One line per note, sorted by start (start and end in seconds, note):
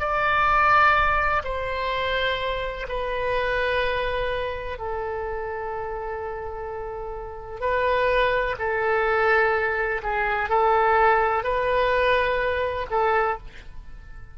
0.00 1.43 D5
1.44 2.87 C5
2.89 4.79 B4
4.79 7.61 A4
7.61 8.56 B4
8.59 10.02 A4
10.03 10.50 G#4
10.50 11.44 A4
11.44 12.87 B4
12.91 13.39 A4